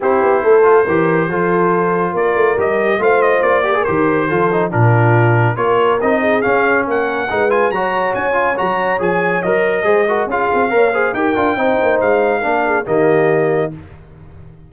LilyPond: <<
  \new Staff \with { instrumentName = "trumpet" } { \time 4/4 \tempo 4 = 140 c''1~ | c''4 d''4 dis''4 f''8 dis''8 | d''4 c''2 ais'4~ | ais'4 cis''4 dis''4 f''4 |
fis''4. gis''8 ais''4 gis''4 | ais''4 gis''4 dis''2 | f''2 g''2 | f''2 dis''2 | }
  \new Staff \with { instrumentName = "horn" } { \time 4/4 g'4 a'4 ais'4 a'4~ | a'4 ais'2 c''4~ | c''8 ais'4. a'4 f'4~ | f'4 ais'4. gis'4. |
ais'4 b'4 cis''2~ | cis''2. c''8 ais'8 | gis'4 cis''8 c''8 ais'4 c''4~ | c''4 ais'8 gis'8 g'2 | }
  \new Staff \with { instrumentName = "trombone" } { \time 4/4 e'4. f'8 g'4 f'4~ | f'2 g'4 f'4~ | f'8 g'16 gis'16 g'4 f'8 dis'8 d'4~ | d'4 f'4 dis'4 cis'4~ |
cis'4 dis'8 f'8 fis'4. f'8 | fis'4 gis'4 ais'4 gis'8 fis'8 | f'4 ais'8 gis'8 g'8 f'8 dis'4~ | dis'4 d'4 ais2 | }
  \new Staff \with { instrumentName = "tuba" } { \time 4/4 c'8 b8 a4 e4 f4~ | f4 ais8 a8 g4 a4 | ais4 dis4 f4 ais,4~ | ais,4 ais4 c'4 cis'4 |
ais4 gis4 fis4 cis'4 | fis4 f4 fis4 gis4 | cis'8 c'8 ais4 dis'8 d'8 c'8 ais8 | gis4 ais4 dis2 | }
>>